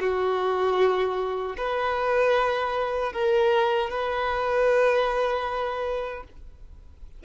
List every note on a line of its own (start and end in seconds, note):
0.00 1.56 F#4
1.57 3.12 B4
3.12 3.90 A#4
3.90 6.23 B4